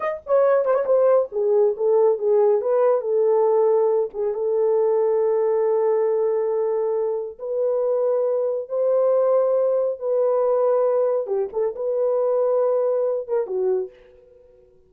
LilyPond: \new Staff \with { instrumentName = "horn" } { \time 4/4 \tempo 4 = 138 dis''8 cis''4 c''16 cis''16 c''4 gis'4 | a'4 gis'4 b'4 a'4~ | a'4. gis'8 a'2~ | a'1~ |
a'4 b'2. | c''2. b'4~ | b'2 g'8 a'8 b'4~ | b'2~ b'8 ais'8 fis'4 | }